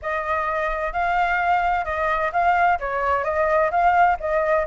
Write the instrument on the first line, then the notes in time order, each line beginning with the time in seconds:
flute
0.02 D#5
0.93 F5
1.84 D#5
2.32 F5
2.79 C#5
3.24 D#5
3.70 F5
4.20 D#5